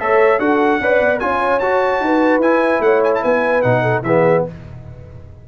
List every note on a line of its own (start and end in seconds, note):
0.00 0.39 A3
0.00 0.40 A4
0.00 0.41 C#5
0.00 0.40 E5
0.39 0.80 D4
0.39 0.81 F#4
0.39 0.82 A4
0.39 1.20 F#5
0.80 1.01 C#4
0.80 1.21 B4
0.80 1.23 D5
1.01 1.21 B3
1.20 1.60 C#4
1.20 1.61 F4
1.20 2.05 C#5
1.20 1.60 G#5
1.60 2.00 F#4
1.60 2.43 F#4
1.60 2.41 A5
2.00 2.39 D#4
2.00 2.84 B4
2.39 2.79 E4
2.39 3.63 E4
2.39 2.82 G#5
2.80 3.21 A3
2.80 3.22 C#5
2.80 3.03 F#5
3.04 3.14 G#5
3.15 3.24 A5
3.22 3.65 B3
3.22 3.83 B4
3.22 3.62 G#5
3.62 4.02 B2
3.62 4.04 D#4
3.62 4.03 F#5
3.83 4.03 A4
4.02 4.43 E3
4.02 4.48 B3
4.02 4.46 G#4
4.02 4.44 E5